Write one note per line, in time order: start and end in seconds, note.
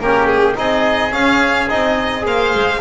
0.00 0.56 A#3
0.00 0.55 C#4
0.00 0.58 G4
0.00 0.27 A#4
0.27 0.55 G#4
0.55 1.13 C4
0.55 1.11 D#4
0.55 2.26 G#4
0.55 1.13 D#5
1.11 1.67 C#4
1.11 1.71 C#4
1.11 1.69 F5
1.69 2.26 C4
1.69 2.21 D#4
1.69 2.25 D#5
2.21 2.54 A#3
2.21 2.77 G#4
2.21 2.81 C5
2.21 2.81 F5
2.55 2.81 G#3